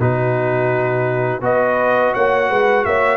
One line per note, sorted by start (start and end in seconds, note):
0.00 1.42 B2
0.00 1.42 D#4
0.00 1.43 F#4
0.00 1.43 B4
1.42 2.13 B3
1.42 3.18 F#4
1.42 2.14 B4
1.42 2.15 D#5
2.14 2.50 A#3
2.14 2.50 C#5
2.14 2.85 F#5
2.50 2.86 G#3
2.50 2.86 B4
2.85 3.18 A#3
2.85 3.18 C#5
2.85 3.18 E5